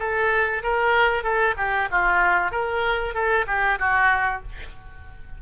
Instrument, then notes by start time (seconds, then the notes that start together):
oboe
0.00 A4
0.63 A#4
1.24 A4
1.58 G4
1.91 F4
2.52 A#4
3.15 A4
3.47 G4
3.80 F#4